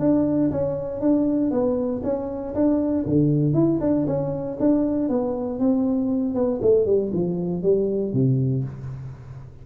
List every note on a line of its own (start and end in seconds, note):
0.00 0.51 D4
0.51 1.01 C#4
1.01 1.51 D4
1.51 2.02 B3
2.04 2.55 C#4
2.55 3.06 D4
3.06 3.54 D3
3.54 3.80 E4
3.81 4.06 D4
4.07 4.58 C#4
4.60 5.09 D4
5.09 5.60 B3
5.60 6.35 C4
6.35 6.61 B3
6.62 6.86 A3
6.86 7.12 G3
7.13 7.63 F3
7.63 8.13 G3
8.13 8.64 C3